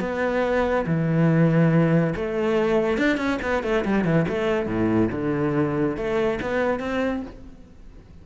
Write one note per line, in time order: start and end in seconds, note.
0.00 0.85 B3
0.86 2.14 E3
2.16 2.98 A3
2.98 3.17 D4
3.17 3.39 C#4
3.42 3.63 B3
3.63 3.85 A3
3.85 4.04 G3
4.04 4.26 E3
4.29 4.67 A3
4.67 5.09 A2
5.12 5.97 D3
5.97 6.39 A3
6.42 6.79 B3
6.79 7.22 C4